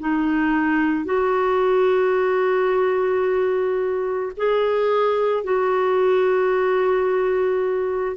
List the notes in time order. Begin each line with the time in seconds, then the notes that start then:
0.00 D#4
1.05 F#4
4.37 G#4
5.44 F#4